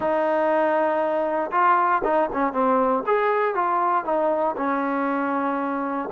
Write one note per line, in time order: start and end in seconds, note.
0.00 1.50 D#4
1.51 2.02 F4
2.04 2.29 D#4
2.33 2.52 C#4
2.52 3.03 C4
3.06 3.55 G#4
3.55 4.04 F4
4.04 4.55 D#4
4.56 6.09 C#4